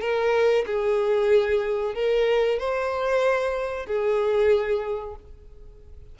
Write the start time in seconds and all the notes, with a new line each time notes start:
0.00 A#4
0.66 G#4
1.94 A#4
2.59 C5
3.86 G#4